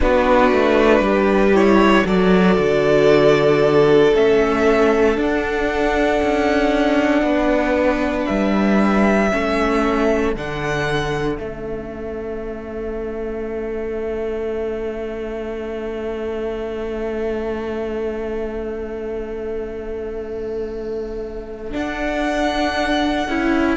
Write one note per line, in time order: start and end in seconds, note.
0.00 0.52 B3
0.00 1.54 D4
0.00 1.03 F#4
0.00 1.55 B4
0.52 1.00 A3
1.00 2.03 G3
1.00 2.05 G4
1.54 2.04 E4
1.54 2.06 C#5
2.04 2.57 F#3
2.04 4.11 F#4
2.04 7.23 A4
2.04 4.14 D5
2.57 4.12 D3
4.14 5.17 A3
4.14 5.16 C#4
4.14 5.19 E5
5.16 9.30 D4
5.16 6.21 D4
5.16 8.25 F#5
6.22 7.22 C#4
7.22 8.25 B3
7.22 9.32 B4
8.25 9.33 G3
8.25 10.32 E5
9.30 10.35 A3
9.30 10.34 C#4
9.30 23.77 A4
10.35 11.38 D3
10.35 11.37 D4
10.35 11.36 F#5
11.36 21.73 A3
11.36 21.71 C#4
11.36 21.70 E5
21.71 23.27 D4
21.71 23.77 F#5
23.27 23.77 C#4
23.27 23.77 E4